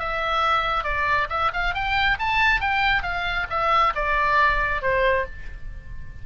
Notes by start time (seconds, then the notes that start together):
0.00 E5
0.84 D5
1.30 E5
1.54 F5
1.75 G5
2.20 A5
2.61 G5
3.03 F5
3.50 E5
3.96 D5
4.82 C5